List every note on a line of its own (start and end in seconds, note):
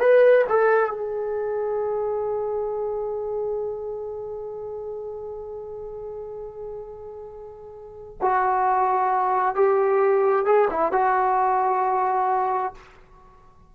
0.00 0.45 B4
0.50 0.91 A4
0.91 8.18 G#4
8.21 9.56 F#4
9.56 10.46 G4
10.46 10.69 G#4
10.71 10.93 E4
10.93 12.74 F#4